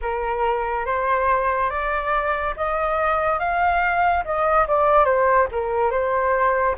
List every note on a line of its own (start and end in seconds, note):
0.01 0.85 A#4
0.85 1.69 C5
1.69 2.54 D5
2.56 3.39 D#5
3.39 4.23 F5
4.24 4.67 D#5
4.67 5.04 D5
5.04 5.47 C5
5.51 5.90 A#4
5.90 6.75 C5